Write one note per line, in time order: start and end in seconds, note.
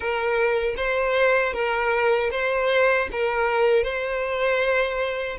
0.00 0.74 A#4
0.77 1.53 C5
1.53 2.30 A#4
2.31 3.08 C5
3.12 3.83 A#4
3.83 5.37 C5